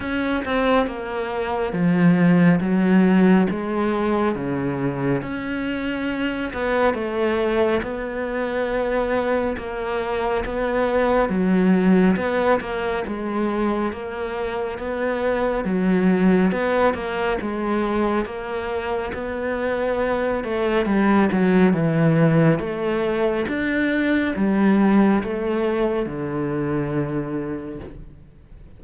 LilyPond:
\new Staff \with { instrumentName = "cello" } { \time 4/4 \tempo 4 = 69 cis'8 c'8 ais4 f4 fis4 | gis4 cis4 cis'4. b8 | a4 b2 ais4 | b4 fis4 b8 ais8 gis4 |
ais4 b4 fis4 b8 ais8 | gis4 ais4 b4. a8 | g8 fis8 e4 a4 d'4 | g4 a4 d2 | }